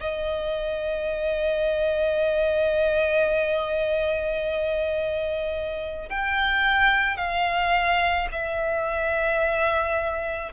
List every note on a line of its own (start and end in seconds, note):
0.00 6.10 D#5
6.10 7.17 G5
7.17 8.28 F5
8.32 10.53 E5